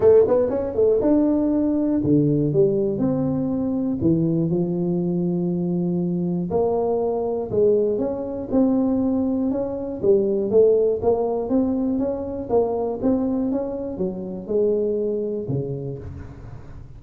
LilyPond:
\new Staff \with { instrumentName = "tuba" } { \time 4/4 \tempo 4 = 120 a8 b8 cis'8 a8 d'2 | d4 g4 c'2 | e4 f2.~ | f4 ais2 gis4 |
cis'4 c'2 cis'4 | g4 a4 ais4 c'4 | cis'4 ais4 c'4 cis'4 | fis4 gis2 cis4 | }